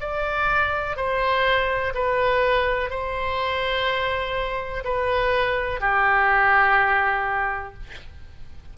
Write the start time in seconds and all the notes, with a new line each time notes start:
0.00 D5
0.96 C5
1.94 B4
2.90 C5
4.84 B4
5.80 G4